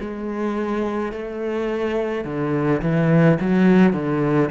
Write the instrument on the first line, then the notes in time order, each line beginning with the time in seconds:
cello
0.00 G#3
1.12 A3
2.24 D3
2.81 E3
3.40 F#3
3.93 D3